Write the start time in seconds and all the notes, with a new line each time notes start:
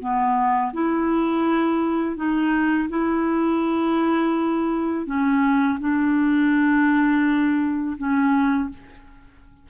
0.00 B3
0.73 E4
2.17 D#4
2.89 E4
5.06 C#4
5.80 D4
7.97 C#4